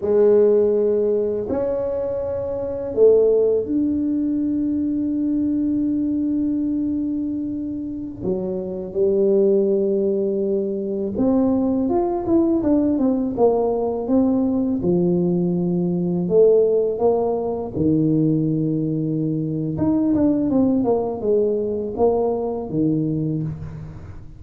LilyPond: \new Staff \with { instrumentName = "tuba" } { \time 4/4 \tempo 4 = 82 gis2 cis'2 | a4 d'2.~ | d'2.~ d'16 fis8.~ | fis16 g2. c'8.~ |
c'16 f'8 e'8 d'8 c'8 ais4 c'8.~ | c'16 f2 a4 ais8.~ | ais16 dis2~ dis8. dis'8 d'8 | c'8 ais8 gis4 ais4 dis4 | }